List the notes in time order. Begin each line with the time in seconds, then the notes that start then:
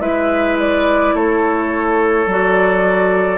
0.00 G#3 E4 B4 E5
0.59 D5
1.14 A3 A4 C#5
2.26 F#3 F#4 D5